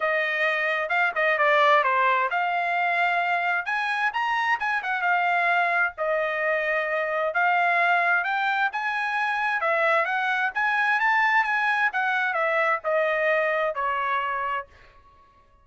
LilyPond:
\new Staff \with { instrumentName = "trumpet" } { \time 4/4 \tempo 4 = 131 dis''2 f''8 dis''8 d''4 | c''4 f''2. | gis''4 ais''4 gis''8 fis''8 f''4~ | f''4 dis''2. |
f''2 g''4 gis''4~ | gis''4 e''4 fis''4 gis''4 | a''4 gis''4 fis''4 e''4 | dis''2 cis''2 | }